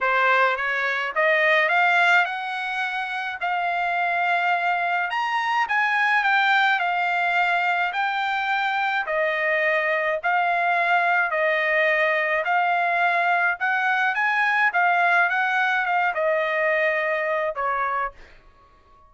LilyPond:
\new Staff \with { instrumentName = "trumpet" } { \time 4/4 \tempo 4 = 106 c''4 cis''4 dis''4 f''4 | fis''2 f''2~ | f''4 ais''4 gis''4 g''4 | f''2 g''2 |
dis''2 f''2 | dis''2 f''2 | fis''4 gis''4 f''4 fis''4 | f''8 dis''2~ dis''8 cis''4 | }